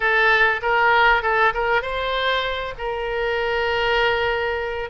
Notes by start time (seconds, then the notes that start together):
0.00 A4
0.62 A#4
1.22 A4
1.53 A#4
1.82 C5
2.78 A#4